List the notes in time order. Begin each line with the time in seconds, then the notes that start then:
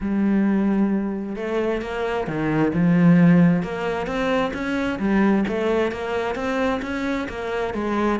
0.00 G3
1.36 A3
1.81 A#3
2.27 D#3
2.73 F3
3.62 A#3
4.06 C4
4.53 C#4
4.99 G3
5.48 A3
5.91 A#3
6.35 C4
6.82 C#4
7.29 A#3
7.74 G#3